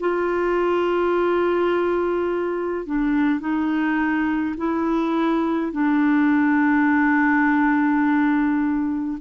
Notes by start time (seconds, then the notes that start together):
0.00 F4
2.86 D4
3.40 D#4
4.57 E4
5.72 D4